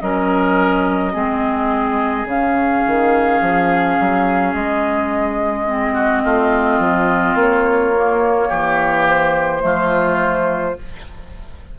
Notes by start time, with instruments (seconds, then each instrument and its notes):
0.00 bassoon F#3, clarinet C#4, oboe A#4, flute D#5
1.12 bassoon G#3, clarinet C4, oboe G#4
2.25 bassoon C#3, clarinet C#4, flute F5
2.86 bassoon D#3
3.41 bassoon F3
3.99 bassoon F#3
4.54 bassoon G#3, flute D#5
5.66 clarinet C4
5.93 oboe F#4
6.24 bassoon A3, oboe F4
6.79 bassoon F3
7.34 bassoon A#3, flute C#5
7.95 clarinet A#3
8.48 bassoon E3, oboe G4
9.08 flute C5
9.60 bassoon F3, clarinet A3, oboe F4